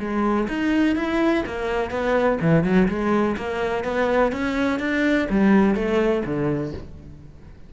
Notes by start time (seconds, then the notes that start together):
0.00 G#3
0.48 D#4
0.96 E4
1.46 A#3
1.91 B3
2.41 E3
2.64 F#3
2.88 G#3
3.37 A#3
3.84 B3
4.33 C#4
4.79 D4
5.30 G3
5.75 A3
6.25 D3